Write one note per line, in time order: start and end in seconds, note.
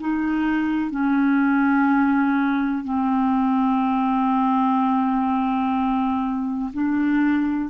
0.00 0.90 D#4
0.90 2.84 C#4
2.84 6.71 C4
6.73 7.69 D4